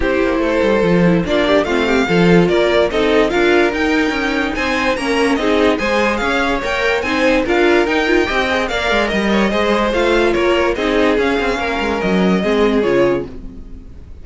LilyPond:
<<
  \new Staff \with { instrumentName = "violin" } { \time 4/4 \tempo 4 = 145 c''2. d''4 | f''2 d''4 dis''4 | f''4 g''2 gis''4 | ais''4 dis''4 gis''4 f''4 |
g''4 gis''4 f''4 g''4~ | g''4 f''4 dis''2 | f''4 cis''4 dis''4 f''4~ | f''4 dis''2 cis''4 | }
  \new Staff \with { instrumentName = "violin" } { \time 4/4 g'4 a'2 f'8 g'8 | f'8 g'8 a'4 ais'4 a'4 | ais'2. c''4 | ais'4 gis'4 c''4 cis''4~ |
cis''4 c''4 ais'2 | dis''4 d''4 dis''8 cis''8 c''4~ | c''4 ais'4 gis'2 | ais'2 gis'2 | }
  \new Staff \with { instrumentName = "viola" } { \time 4/4 e'2 f'8 e'8 d'4 | c'4 f'2 dis'4 | f'4 dis'2. | cis'4 dis'4 gis'2 |
ais'4 dis'4 f'4 dis'8 f'8 | g'8 gis'8 ais'2 gis'4 | f'2 dis'4 cis'4~ | cis'2 c'4 f'4 | }
  \new Staff \with { instrumentName = "cello" } { \time 4/4 c'8 ais8 a8 g8 f4 ais4 | a4 f4 ais4 c'4 | d'4 dis'4 cis'4 c'4 | ais4 c'4 gis4 cis'4 |
ais4 c'4 d'4 dis'4 | c'4 ais8 gis8 g4 gis4 | a4 ais4 c'4 cis'8 c'8 | ais8 gis8 fis4 gis4 cis4 | }
>>